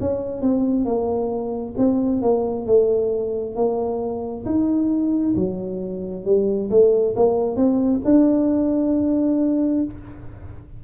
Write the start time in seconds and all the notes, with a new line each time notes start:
0.00 C#4
0.42 C4
0.85 A#3
1.77 C4
2.22 A#3
2.66 A3
3.55 A#3
4.46 D#4
5.35 F#3
6.25 G3
6.70 A3
7.16 A#3
7.56 C4
8.05 D4